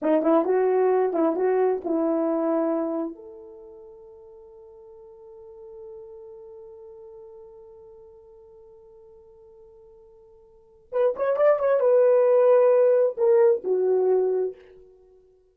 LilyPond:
\new Staff \with { instrumentName = "horn" } { \time 4/4 \tempo 4 = 132 dis'8 e'8 fis'4. e'8 fis'4 | e'2. a'4~ | a'1~ | a'1~ |
a'1~ | a'1 | b'8 cis''8 d''8 cis''8 b'2~ | b'4 ais'4 fis'2 | }